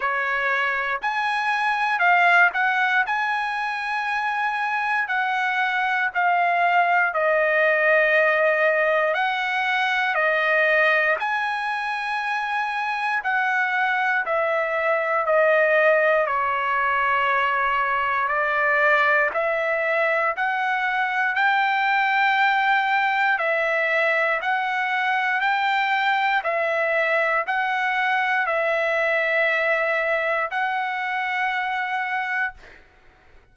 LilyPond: \new Staff \with { instrumentName = "trumpet" } { \time 4/4 \tempo 4 = 59 cis''4 gis''4 f''8 fis''8 gis''4~ | gis''4 fis''4 f''4 dis''4~ | dis''4 fis''4 dis''4 gis''4~ | gis''4 fis''4 e''4 dis''4 |
cis''2 d''4 e''4 | fis''4 g''2 e''4 | fis''4 g''4 e''4 fis''4 | e''2 fis''2 | }